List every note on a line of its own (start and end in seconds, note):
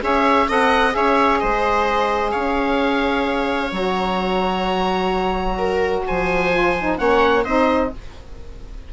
0.00 0.48 C#4
0.00 0.47 G#4
0.00 0.48 C#5
0.00 0.50 E5
0.48 0.95 C4
0.48 0.90 A4
0.48 0.95 D#5
0.48 0.93 F#5
0.90 1.42 C#4
0.90 3.69 G#4
0.90 1.38 E5
0.96 1.40 C#5
1.38 2.34 G#3
1.38 2.31 C5
1.38 2.31 D#5
2.31 3.71 C#4
2.31 5.57 C#5
2.31 3.70 F5
3.71 6.04 F#3
3.71 6.51 F#4
3.71 6.07 A#5
5.57 6.03 A#4
6.07 6.99 F3
6.07 7.00 C5
6.07 6.98 G#5
6.51 6.75 F4
6.79 6.97 D#4
6.97 7.45 A#3
6.97 7.44 C#4
6.97 7.44 C#5
6.97 7.44 F#5
7.44 7.92 C4
7.44 7.92 D#4
7.44 7.90 C5
7.44 7.90 D#5